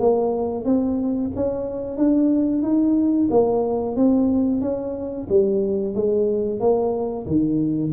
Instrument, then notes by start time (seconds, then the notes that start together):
tuba
0.00 A#3
0.65 C4
1.36 C#4
1.97 D4
2.63 D#4
3.31 A#3
3.96 C4
4.62 C#4
5.30 G3
5.95 G#3
6.60 A#3
7.26 D#3